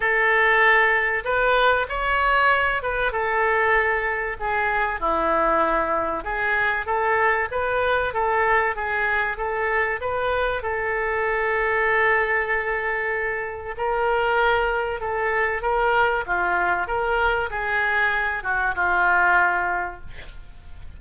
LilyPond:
\new Staff \with { instrumentName = "oboe" } { \time 4/4 \tempo 4 = 96 a'2 b'4 cis''4~ | cis''8 b'8 a'2 gis'4 | e'2 gis'4 a'4 | b'4 a'4 gis'4 a'4 |
b'4 a'2.~ | a'2 ais'2 | a'4 ais'4 f'4 ais'4 | gis'4. fis'8 f'2 | }